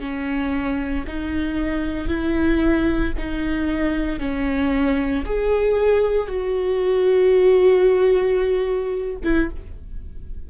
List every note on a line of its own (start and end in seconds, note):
0.00 1.05 C#4
1.07 2.08 D#4
2.08 3.13 E4
3.18 4.19 D#4
4.19 5.24 C#4
5.25 6.27 G#4
6.27 9.17 F#4
9.24 9.50 E4